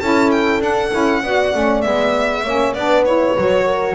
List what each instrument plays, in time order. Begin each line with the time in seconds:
0.00 double bass C#4, saxophone E4, horn A4, violin A5
0.31 violin G5
0.60 double bass D4, saxophone D4, violin F#5
0.92 double bass C#4, saxophone E4
1.23 double bass B3, saxophone F#4, horn D5
1.53 double bass A3, saxophone C#4
1.82 double bass G#3, saxophone B3, violin E5
2.43 double bass A#3, saxophone C#4, horn C#5
2.74 double bass B3, saxophone D4, horn B4, violin D5
3.05 saxophone E4, violin C#5
3.37 double bass F#3, saxophone F#4
3.66 horn A#4